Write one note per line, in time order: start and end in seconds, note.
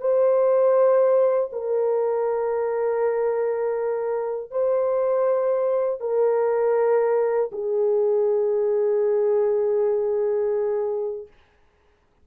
0.00 1.50 C5
1.52 4.50 A#4
4.50 6.00 C5
6.00 7.50 A#4
7.52 11.27 G#4